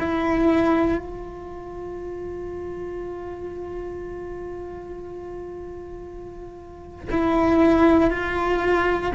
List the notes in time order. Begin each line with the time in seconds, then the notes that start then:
0.00 E4
0.98 F4
7.12 E4
8.11 F4